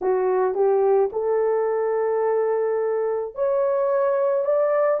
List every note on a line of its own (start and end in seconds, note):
0.01 0.54 F#4
0.54 1.10 G4
1.12 3.34 A4
3.34 4.44 C#5
4.44 5.00 D5